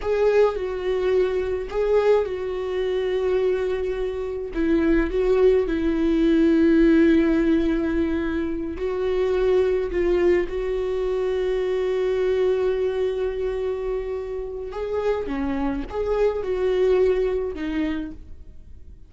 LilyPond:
\new Staff \with { instrumentName = "viola" } { \time 4/4 \tempo 4 = 106 gis'4 fis'2 gis'4 | fis'1 | e'4 fis'4 e'2~ | e'2.~ e'8 fis'8~ |
fis'4. f'4 fis'4.~ | fis'1~ | fis'2 gis'4 cis'4 | gis'4 fis'2 dis'4 | }